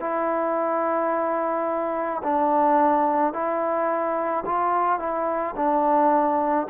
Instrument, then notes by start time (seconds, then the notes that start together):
trombone
0.00 E4
2.23 D4
3.33 E4
4.46 F4
4.99 E4
5.57 D4